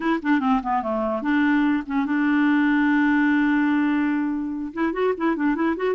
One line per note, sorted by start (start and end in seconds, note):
0.00 0.20 E4
0.22 0.40 D4
0.40 0.60 C4
0.62 0.82 B3
0.82 1.21 A3
1.21 1.83 D4
1.86 2.05 C#4
2.05 4.72 D4
4.73 4.93 E4
4.93 5.13 F#4
5.17 5.36 E4
5.36 5.55 D4
5.55 5.75 E4
5.76 5.95 F#4